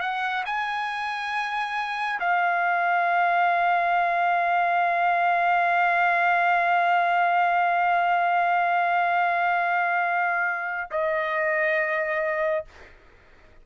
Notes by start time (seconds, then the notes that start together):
0.00 F#5
0.45 G#5
2.20 F5
10.91 D#5